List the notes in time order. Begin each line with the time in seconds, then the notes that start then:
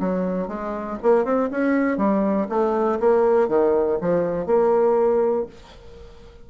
0.00 F#3
0.48 G#3
1.03 A#3
1.25 C4
1.51 C#4
1.98 G3
2.49 A3
3.00 A#3
3.48 D#3
4.01 F3
4.47 A#3